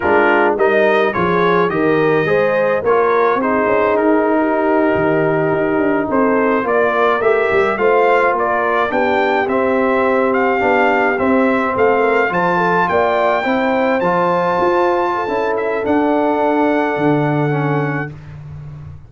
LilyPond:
<<
  \new Staff \with { instrumentName = "trumpet" } { \time 4/4 \tempo 4 = 106 ais'4 dis''4 cis''4 dis''4~ | dis''4 cis''4 c''4 ais'4~ | ais'2~ ais'8. c''4 d''16~ | d''8. e''4 f''4 d''4 g''16~ |
g''8. e''4. f''4. e''16~ | e''8. f''4 a''4 g''4~ g''16~ | g''8. a''2~ a''8. e''8 | fis''1 | }
  \new Staff \with { instrumentName = "horn" } { \time 4/4 f'4 ais'4 gis'4 ais'4 | c''4 ais'4 gis'4.~ gis'16 g'16~ | g'2~ g'8. a'4 ais'16~ | ais'4.~ ais'16 c''4 ais'4 g'16~ |
g'1~ | g'8. a'8 ais'8 c''8 a'8 d''4 c''16~ | c''2~ c''8. a'4~ a'16~ | a'1 | }
  \new Staff \with { instrumentName = "trombone" } { \time 4/4 d'4 dis'4 f'4 g'4 | gis'4 f'4 dis'2~ | dis'2.~ dis'8. f'16~ | f'8. g'4 f'2 d'16~ |
d'8. c'2 d'4 c'16~ | c'4.~ c'16 f'2 e'16~ | e'8. f'2~ f'16 e'4 | d'2. cis'4 | }
  \new Staff \with { instrumentName = "tuba" } { \time 4/4 gis4 g4 f4 dis4 | gis4 ais4 c'8 cis'8 dis'4~ | dis'8. dis4 dis'8 d'8 c'4 ais16~ | ais8. a8 g8 a4 ais4 b16~ |
b8. c'2 b4 c'16~ | c'8. a4 f4 ais4 c'16~ | c'8. f4 f'4~ f'16 cis'4 | d'2 d2 | }
>>